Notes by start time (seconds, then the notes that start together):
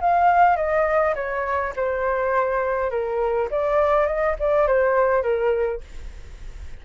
0.00 F5
0.56 D#5
1.15 C#5
1.76 C5
2.90 A#4
3.51 D5
4.06 D#5
4.39 D5
4.67 C5
5.22 A#4